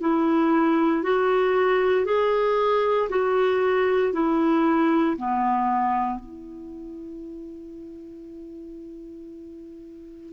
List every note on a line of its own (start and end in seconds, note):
0.00 1.03 E4
1.03 2.05 F#4
2.05 3.09 G#4
3.09 4.13 F#4
4.13 5.16 E4
5.17 6.19 B3
6.19 10.33 E4